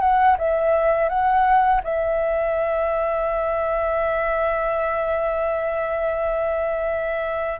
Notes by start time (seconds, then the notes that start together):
0.00 F#5
0.38 E5
1.09 F#5
1.83 E5